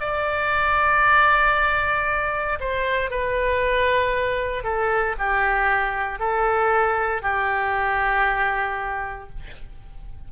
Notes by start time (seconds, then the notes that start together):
0.00 D5
2.60 C5
3.10 B4
4.64 A4
5.18 G4
6.19 A4
7.22 G4